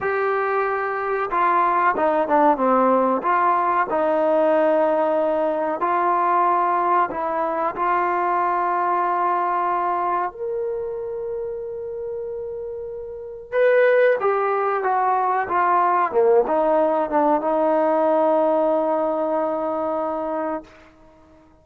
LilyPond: \new Staff \with { instrumentName = "trombone" } { \time 4/4 \tempo 4 = 93 g'2 f'4 dis'8 d'8 | c'4 f'4 dis'2~ | dis'4 f'2 e'4 | f'1 |
ais'1~ | ais'4 b'4 g'4 fis'4 | f'4 ais8 dis'4 d'8 dis'4~ | dis'1 | }